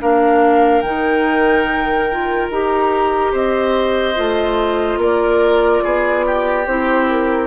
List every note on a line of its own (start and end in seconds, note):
0.00 0.83 A#3
0.00 0.83 D4
0.00 3.32 A#4
0.00 0.81 F5
0.81 2.49 D#3
0.81 2.10 D#4
0.81 2.48 G5
2.10 2.52 F4
2.49 3.33 D#4
2.49 4.15 G4
2.49 3.34 A#5
3.32 4.16 C4
3.32 4.99 C5
3.32 5.01 D#5
4.15 4.97 A3
4.15 6.65 F4
4.97 5.80 A#3
4.97 5.84 A#4
4.97 6.66 D5
5.84 6.66 B3
5.84 6.25 G#4
6.26 7.47 G4
6.66 7.47 C4
6.66 7.47 E4
6.66 7.08 C5
7.09 7.47 A#4